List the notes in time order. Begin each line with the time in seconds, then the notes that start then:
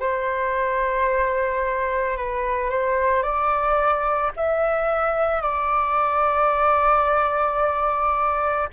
0.00 C5
2.17 B4
2.70 C5
3.23 D5
4.36 E5
5.41 D5